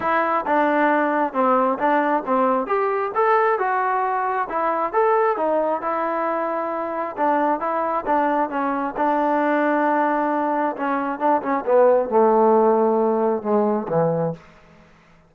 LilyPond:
\new Staff \with { instrumentName = "trombone" } { \time 4/4 \tempo 4 = 134 e'4 d'2 c'4 | d'4 c'4 g'4 a'4 | fis'2 e'4 a'4 | dis'4 e'2. |
d'4 e'4 d'4 cis'4 | d'1 | cis'4 d'8 cis'8 b4 a4~ | a2 gis4 e4 | }